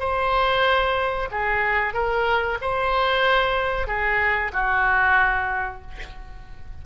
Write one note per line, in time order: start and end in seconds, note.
0.00 1.29 C5
1.31 1.94 G#4
1.94 2.59 A#4
2.62 3.88 C5
3.88 4.52 G#4
4.53 5.82 F#4